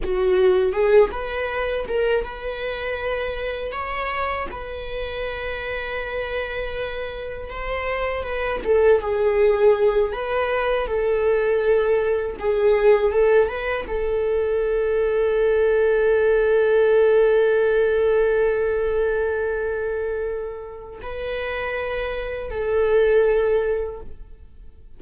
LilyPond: \new Staff \with { instrumentName = "viola" } { \time 4/4 \tempo 4 = 80 fis'4 gis'8 b'4 ais'8 b'4~ | b'4 cis''4 b'2~ | b'2 c''4 b'8 a'8 | gis'4. b'4 a'4.~ |
a'8 gis'4 a'8 b'8 a'4.~ | a'1~ | a'1 | b'2 a'2 | }